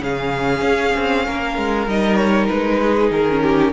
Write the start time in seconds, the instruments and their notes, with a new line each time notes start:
0.00 cello C#3, viola C#4, violin G#4 F5
0.61 cello C#4
0.96 cello C4
1.27 cello A#3, violin A#4
1.57 cello G#3
1.87 cello G3, viola D#4, violin D#5
2.16 violin C#5
2.48 cello G#3, violin B4
2.82 violin G#4
3.11 cello D#3, violin A#4
3.29 viola C#4
3.43 violin G4